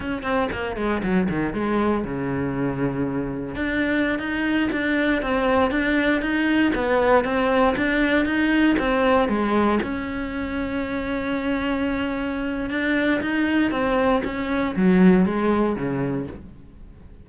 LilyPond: \new Staff \with { instrumentName = "cello" } { \time 4/4 \tempo 4 = 118 cis'8 c'8 ais8 gis8 fis8 dis8 gis4 | cis2. d'4~ | d'16 dis'4 d'4 c'4 d'8.~ | d'16 dis'4 b4 c'4 d'8.~ |
d'16 dis'4 c'4 gis4 cis'8.~ | cis'1~ | cis'4 d'4 dis'4 c'4 | cis'4 fis4 gis4 cis4 | }